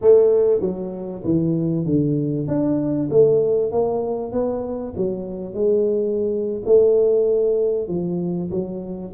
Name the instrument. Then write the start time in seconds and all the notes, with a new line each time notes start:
tuba
0.01 A3
0.60 F#3
1.24 E3
1.85 D3
2.47 D4
3.10 A3
3.71 A#3
4.32 B3
4.96 F#3
5.54 G#3
6.65 A3
7.88 F3
8.51 F#3